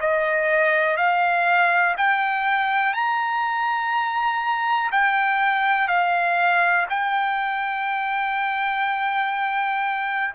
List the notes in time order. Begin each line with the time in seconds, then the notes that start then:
0.00 D#5
0.97 F5
1.97 G5
2.93 A#5
4.91 G5
5.88 F5
6.89 G5